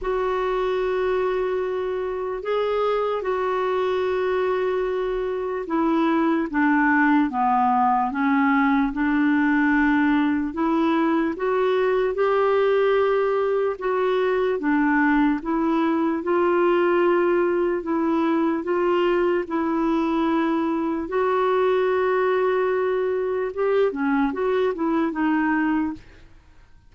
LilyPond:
\new Staff \with { instrumentName = "clarinet" } { \time 4/4 \tempo 4 = 74 fis'2. gis'4 | fis'2. e'4 | d'4 b4 cis'4 d'4~ | d'4 e'4 fis'4 g'4~ |
g'4 fis'4 d'4 e'4 | f'2 e'4 f'4 | e'2 fis'2~ | fis'4 g'8 cis'8 fis'8 e'8 dis'4 | }